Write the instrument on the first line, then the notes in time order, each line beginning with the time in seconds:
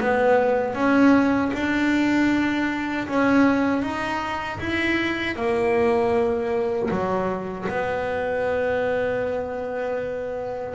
double bass
0.00 B3
0.74 C#4
1.53 D4
3.08 C#4
3.82 D#4
4.60 E4
5.36 A#3
6.91 F#3
7.69 B3